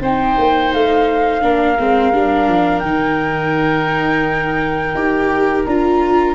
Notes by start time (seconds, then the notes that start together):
0.00 C4 D#4 C5 G5
0.37 A#3
0.73 A3 F5
1.41 A#3 D4 A#4
1.79 G#3 C4
2.12 G3 D4
2.48 F3
2.79 D#3 D#4 G5
4.95 D#4 G4
5.65 D4 F4 A#5